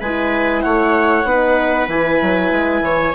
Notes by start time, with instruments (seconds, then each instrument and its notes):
0.00 bassoon G#3, horn E4, viola B4, clarinet G#5
0.61 bassoon A3, viola C#5, clarinet F#5
1.24 bassoon B3, horn D#4, viola B4
1.87 bassoon E3, horn E4, clarinet G#5
2.22 bassoon F#3
2.51 bassoon G#3
2.81 bassoon E3, viola C#5